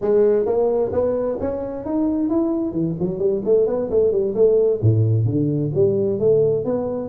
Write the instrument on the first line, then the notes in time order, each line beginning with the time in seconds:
tuba
0.01 G#3
0.45 A#3
0.92 B3
1.40 C#4
1.85 D#4
2.29 E4
2.71 E3
2.99 F#3
3.18 G3
3.44 A3
3.66 B3
3.90 A3
4.11 G3
4.34 A3
4.81 A2
5.25 D3
5.74 G3
6.19 A3
6.65 B3